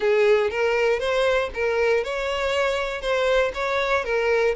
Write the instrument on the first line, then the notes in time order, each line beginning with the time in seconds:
violin
0.00 G#4
0.50 A#4
0.99 C5
1.54 A#4
2.04 C#5
3.01 C5
3.54 C#5
4.04 A#4